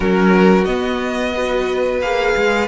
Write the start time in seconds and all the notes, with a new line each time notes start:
0.00 F#3 C#4 F#4 A#4
0.64 B3 D#5
1.35 F#4 B4
2.00 A#3 G#4 F5
2.36 G#3